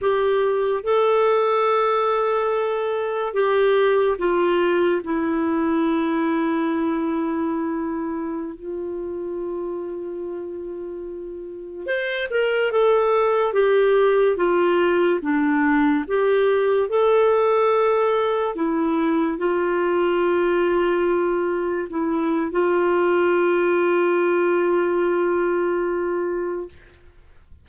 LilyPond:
\new Staff \with { instrumentName = "clarinet" } { \time 4/4 \tempo 4 = 72 g'4 a'2. | g'4 f'4 e'2~ | e'2~ e'16 f'4.~ f'16~ | f'2~ f'16 c''8 ais'8 a'8.~ |
a'16 g'4 f'4 d'4 g'8.~ | g'16 a'2 e'4 f'8.~ | f'2~ f'16 e'8. f'4~ | f'1 | }